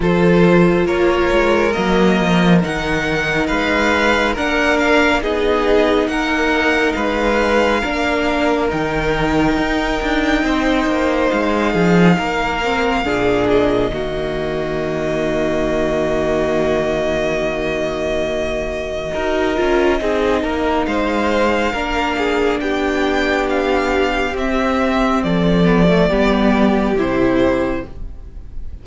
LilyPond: <<
  \new Staff \with { instrumentName = "violin" } { \time 4/4 \tempo 4 = 69 c''4 cis''4 dis''4 fis''4 | f''4 fis''8 f''8 dis''4 fis''4 | f''2 g''2~ | g''4 f''2~ f''8 dis''8~ |
dis''1~ | dis''1 | f''2 g''4 f''4 | e''4 d''2 c''4 | }
  \new Staff \with { instrumentName = "violin" } { \time 4/4 a'4 ais'2. | b'4 ais'4 gis'4 ais'4 | b'4 ais'2. | c''4. gis'8 ais'4 gis'4 |
fis'1~ | fis'2 ais'4 gis'8 ais'8 | c''4 ais'8 gis'8 g'2~ | g'4 a'4 g'2 | }
  \new Staff \with { instrumentName = "viola" } { \time 4/4 f'2 ais4 dis'4~ | dis'4 d'4 dis'2~ | dis'4 d'4 dis'2~ | dis'2~ dis'8 c'8 d'4 |
ais1~ | ais2 fis'8 f'8 dis'4~ | dis'4 d'2. | c'4. b16 a16 b4 e'4 | }
  \new Staff \with { instrumentName = "cello" } { \time 4/4 f4 ais8 gis8 fis8 f8 dis4 | gis4 ais4 b4 ais4 | gis4 ais4 dis4 dis'8 d'8 | c'8 ais8 gis8 f8 ais4 ais,4 |
dis1~ | dis2 dis'8 cis'8 c'8 ais8 | gis4 ais4 b2 | c'4 f4 g4 c4 | }
>>